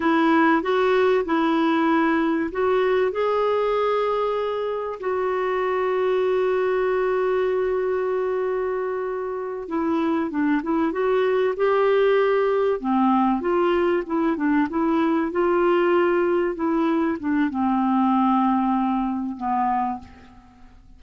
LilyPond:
\new Staff \with { instrumentName = "clarinet" } { \time 4/4 \tempo 4 = 96 e'4 fis'4 e'2 | fis'4 gis'2. | fis'1~ | fis'2.~ fis'8 e'8~ |
e'8 d'8 e'8 fis'4 g'4.~ | g'8 c'4 f'4 e'8 d'8 e'8~ | e'8 f'2 e'4 d'8 | c'2. b4 | }